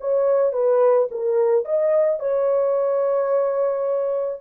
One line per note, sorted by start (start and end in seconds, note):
0.00 0.52 C#5
0.52 1.08 B4
1.11 1.65 A#4
1.65 2.19 D#5
2.19 4.41 C#5